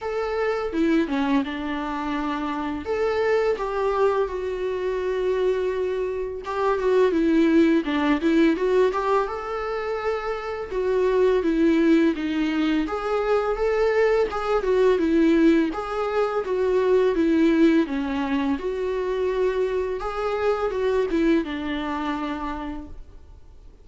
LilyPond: \new Staff \with { instrumentName = "viola" } { \time 4/4 \tempo 4 = 84 a'4 e'8 cis'8 d'2 | a'4 g'4 fis'2~ | fis'4 g'8 fis'8 e'4 d'8 e'8 | fis'8 g'8 a'2 fis'4 |
e'4 dis'4 gis'4 a'4 | gis'8 fis'8 e'4 gis'4 fis'4 | e'4 cis'4 fis'2 | gis'4 fis'8 e'8 d'2 | }